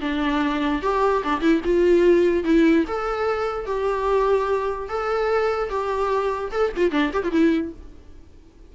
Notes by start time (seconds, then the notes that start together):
0.00 D4
0.82 G4
1.23 D4
1.41 E4
1.64 F4
2.44 E4
2.87 A4
3.66 G4
4.89 A4
5.70 G4
6.52 A4
6.76 F4
6.91 D4
7.13 G4
7.23 F4
7.32 E4